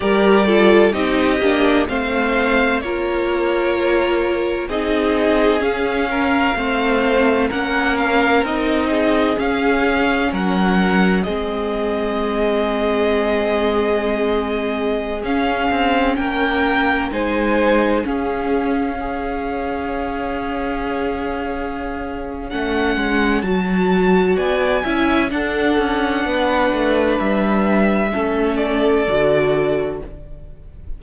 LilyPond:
<<
  \new Staff \with { instrumentName = "violin" } { \time 4/4 \tempo 4 = 64 d''4 dis''4 f''4 cis''4~ | cis''4 dis''4 f''2 | fis''8 f''8 dis''4 f''4 fis''4 | dis''1~ |
dis''16 f''4 g''4 gis''4 f''8.~ | f''1 | fis''4 a''4 gis''4 fis''4~ | fis''4 e''4. d''4. | }
  \new Staff \with { instrumentName = "violin" } { \time 4/4 ais'8 a'8 g'4 c''4 ais'4~ | ais'4 gis'4. ais'8 c''4 | ais'4. gis'4. ais'4 | gis'1~ |
gis'4~ gis'16 ais'4 c''4 gis'8.~ | gis'16 cis''2.~ cis''8.~ | cis''2 d''8 e''8 a'4 | b'2 a'2 | }
  \new Staff \with { instrumentName = "viola" } { \time 4/4 g'8 f'8 dis'8 d'8 c'4 f'4~ | f'4 dis'4 cis'4 c'4 | cis'4 dis'4 cis'2 | c'1~ |
c'16 cis'2 dis'4 cis'8.~ | cis'16 gis'2.~ gis'8. | cis'4 fis'4. e'8 d'4~ | d'2 cis'4 fis'4 | }
  \new Staff \with { instrumentName = "cello" } { \time 4/4 g4 c'8 ais8 a4 ais4~ | ais4 c'4 cis'4 a4 | ais4 c'4 cis'4 fis4 | gis1~ |
gis16 cis'8 c'8 ais4 gis4 cis'8.~ | cis'1 | a8 gis8 fis4 b8 cis'8 d'8 cis'8 | b8 a8 g4 a4 d4 | }
>>